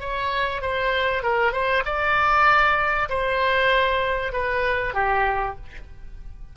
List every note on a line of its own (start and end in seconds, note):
0.00 0.62 C#5
0.62 1.23 C5
1.23 1.52 A#4
1.52 1.83 C5
1.85 3.09 D5
3.09 4.33 C5
4.33 4.94 B4
4.94 5.56 G4